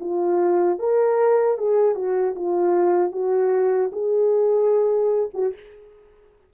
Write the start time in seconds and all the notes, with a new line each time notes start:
0.00 F4
0.79 A#4
1.58 G#4
1.95 F#4
2.35 F4
3.12 F#4
3.92 G#4
5.34 F#4